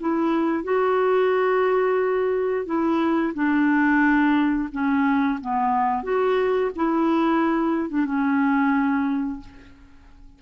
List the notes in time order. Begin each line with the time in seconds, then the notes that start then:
0.00 E4
0.64 F#4
2.66 E4
3.34 D4
4.72 C#4
5.41 B3
6.03 F#4
6.76 E4
7.89 D4
8.05 C#4